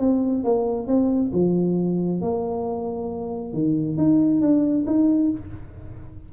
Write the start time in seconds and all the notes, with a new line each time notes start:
0.00 C4
0.44 A#3
0.87 C4
1.33 F3
2.22 A#3
3.54 D#3
3.97 D#4
4.41 D4
4.87 D#4